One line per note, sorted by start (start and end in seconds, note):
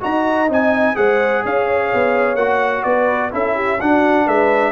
0.00 0.49 D#4
0.00 0.47 F#4
0.00 0.95 D#5
0.00 0.50 A#5
0.48 0.96 C4
0.48 0.95 D#4
0.48 0.96 G#5
0.95 1.44 G#3
0.95 2.36 G#4
0.95 1.43 C5
0.95 1.43 F#5
1.43 1.92 C#4
1.43 2.84 C#5
1.43 2.35 F5
1.94 2.35 B3
2.35 2.82 A#3
2.35 3.31 F#4
2.35 2.83 F#5
2.83 3.32 B3
2.83 3.31 B4
2.83 3.30 D5
3.31 3.81 C#4
3.31 3.78 E4
3.31 3.55 A4
3.31 3.80 E5
3.55 3.78 G4
3.80 4.27 D4
3.80 4.72 D4
3.80 4.25 F#4
3.80 4.28 F#5
4.25 4.72 G#3
4.25 4.72 B4
4.25 4.72 E5